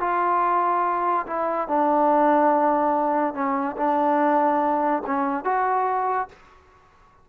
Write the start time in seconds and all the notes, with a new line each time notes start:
0.00 F4
1.26 E4
1.68 D4
3.34 C#4
3.77 D4
5.06 C#4
5.44 F#4